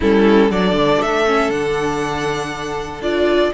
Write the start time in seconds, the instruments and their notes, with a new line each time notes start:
0.00 cello G3, viola C#4, violin E4 A4
0.49 cello F#3, viola D4, violin A4 D5
0.72 cello D3
1.02 cello A3, violin E5
1.26 viola C#4
1.49 cello D3, viola D4, violin F#5
3.00 cello D4, viola F4, violin D5